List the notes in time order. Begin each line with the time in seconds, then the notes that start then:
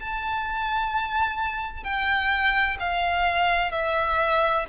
0.00 A5
1.84 G5
2.80 F5
3.72 E5